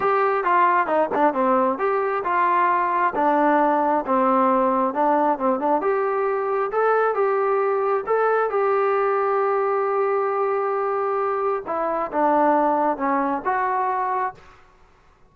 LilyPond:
\new Staff \with { instrumentName = "trombone" } { \time 4/4 \tempo 4 = 134 g'4 f'4 dis'8 d'8 c'4 | g'4 f'2 d'4~ | d'4 c'2 d'4 | c'8 d'8 g'2 a'4 |
g'2 a'4 g'4~ | g'1~ | g'2 e'4 d'4~ | d'4 cis'4 fis'2 | }